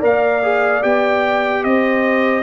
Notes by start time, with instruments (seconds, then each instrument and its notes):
0.00 tuba A#3, trombone A#4, horn D5, trumpet F5
0.43 trombone G#4
0.82 tuba B3, trombone G4, trumpet G5
1.64 tuba C4, horn C5, trumpet D#5